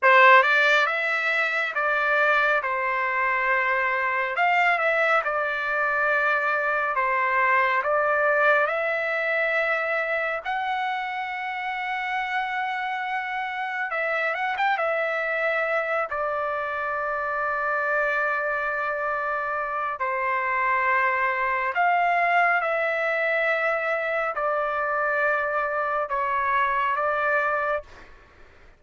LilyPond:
\new Staff \with { instrumentName = "trumpet" } { \time 4/4 \tempo 4 = 69 c''8 d''8 e''4 d''4 c''4~ | c''4 f''8 e''8 d''2 | c''4 d''4 e''2 | fis''1 |
e''8 fis''16 g''16 e''4. d''4.~ | d''2. c''4~ | c''4 f''4 e''2 | d''2 cis''4 d''4 | }